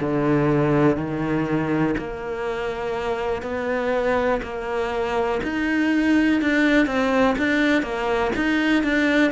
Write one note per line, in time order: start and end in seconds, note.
0.00 0.97 D3
0.97 1.95 D#3
1.98 3.42 A#3
3.42 4.41 B3
4.43 5.41 A#3
5.43 6.41 D#4
6.41 6.86 D4
6.86 7.35 C4
7.39 7.82 D4
7.82 8.32 A#3
8.36 8.83 D#4
8.83 9.32 D4